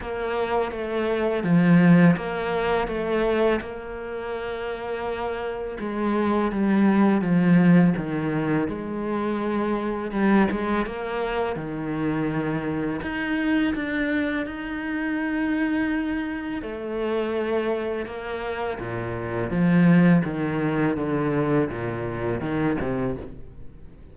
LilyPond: \new Staff \with { instrumentName = "cello" } { \time 4/4 \tempo 4 = 83 ais4 a4 f4 ais4 | a4 ais2. | gis4 g4 f4 dis4 | gis2 g8 gis8 ais4 |
dis2 dis'4 d'4 | dis'2. a4~ | a4 ais4 ais,4 f4 | dis4 d4 ais,4 dis8 c8 | }